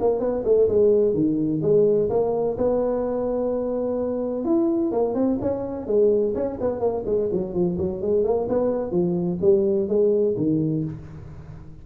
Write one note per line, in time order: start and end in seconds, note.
0.00 0.20 A#3
0.20 0.43 B3
0.44 0.68 A3
0.69 1.14 G#3
1.14 1.61 D#3
1.62 2.09 G#3
2.10 2.57 A#3
2.58 4.45 B3
4.45 4.92 E4
4.92 5.14 A#3
5.14 5.38 C4
5.41 5.87 C#4
5.87 6.34 G#3
6.35 6.58 C#4
6.61 6.80 B3
6.80 7.04 A#3
7.06 7.29 G#3
7.32 7.54 F#3
7.54 7.77 F3
7.78 8.02 F#3
8.02 8.24 G#3
8.24 8.48 A#3
8.49 8.91 B3
8.91 9.39 F3
9.41 9.88 G3
9.88 10.36 G#3
10.37 10.84 D#3